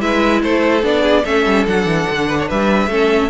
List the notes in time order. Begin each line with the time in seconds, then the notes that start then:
0.00 G#3 E4 B4 E5
0.42 A3 A4 C5
0.82 B3 D4 D5
1.02 G#4
1.24 A3 C#4 A4 E5
1.46 G3
1.66 F#3 D4 F#5
1.85 E3
2.10 D3
2.27 B4
2.39 C#5
2.48 G3 B4 E5
2.87 A3 C#4 A4